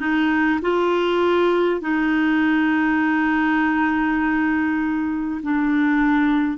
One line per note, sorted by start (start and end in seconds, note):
0.00 0.60 D#4
0.62 1.81 F4
1.81 5.41 D#4
5.43 6.58 D4